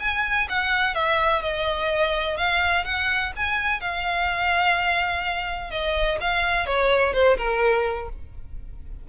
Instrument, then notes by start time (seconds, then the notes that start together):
violin
0.00 G#5
0.49 F#5
0.95 E5
1.42 D#5
2.37 F5
2.85 F#5
3.36 G#5
3.81 F5
5.71 D#5
6.21 F5
6.66 C#5
7.13 C5
7.38 A#4